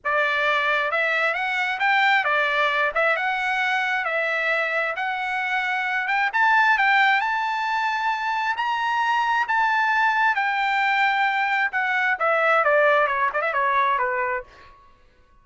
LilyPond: \new Staff \with { instrumentName = "trumpet" } { \time 4/4 \tempo 4 = 133 d''2 e''4 fis''4 | g''4 d''4. e''8 fis''4~ | fis''4 e''2 fis''4~ | fis''4. g''8 a''4 g''4 |
a''2. ais''4~ | ais''4 a''2 g''4~ | g''2 fis''4 e''4 | d''4 cis''8 d''16 e''16 cis''4 b'4 | }